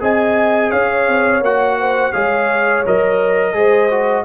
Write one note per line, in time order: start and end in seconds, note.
0.00 0.72 C4
0.00 1.41 G#4
0.00 0.70 D#5
0.00 0.71 G#5
0.70 1.08 C#4
0.70 1.76 C#5
0.70 1.41 F5
1.08 1.41 C4
1.41 2.12 A#3
1.41 2.13 F#4
1.41 2.13 F#5
1.79 2.12 C5
2.12 2.85 G#3
2.12 2.84 G#4
2.12 3.53 C#5
2.12 2.83 F5
2.86 3.53 F#3
2.86 3.53 A#4
2.86 4.24 D#5
3.53 4.24 G#3
3.53 3.89 G#4
3.53 4.24 C5
3.90 4.24 F#4